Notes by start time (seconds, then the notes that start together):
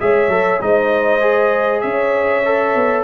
0.00 G#3 G#4 C#5 E5
0.28 F#3 A4
0.60 G#3 D#4 C5 D#5
1.21 G#4
1.81 C#4 C#5 E5
2.45 A4
2.75 B3